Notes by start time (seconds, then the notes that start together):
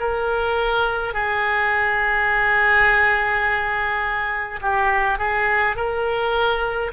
0.00 A#4
1.14 G#4
4.62 G4
5.18 G#4
5.76 A#4